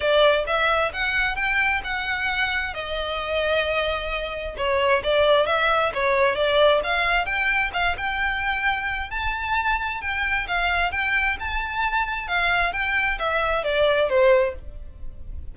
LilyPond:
\new Staff \with { instrumentName = "violin" } { \time 4/4 \tempo 4 = 132 d''4 e''4 fis''4 g''4 | fis''2 dis''2~ | dis''2 cis''4 d''4 | e''4 cis''4 d''4 f''4 |
g''4 f''8 g''2~ g''8 | a''2 g''4 f''4 | g''4 a''2 f''4 | g''4 e''4 d''4 c''4 | }